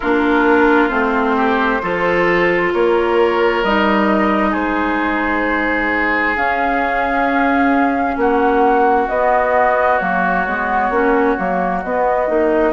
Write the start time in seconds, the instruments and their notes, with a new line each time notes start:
0.00 bassoon A#3, clarinet D4, oboe F4, flute A#4
0.88 bassoon A3, clarinet C4, flute C5
1.36 oboe G4
1.82 bassoon F3, clarinet F4, oboe A4
2.73 bassoon A#3, oboe A#4, flute C#5
3.63 bassoon G3, clarinet D#4, flute D#5
4.50 bassoon G#3, oboe G#4, flute C5
6.36 clarinet C#4, bassoon C#4, flute F5
8.16 bassoon A#3, oboe F#4, flute F#5
9.09 bassoon B3, clarinet B3, flute D#5
9.98 bassoon F#3, clarinet A#3, flute C#5
10.46 bassoon G#3, clarinet B3
10.90 bassoon A#3, clarinet C#4
11.37 bassoon F#3, clarinet A#3
11.82 bassoon B3, clarinet B3, flute D#5
12.27 bassoon A#3, clarinet D#4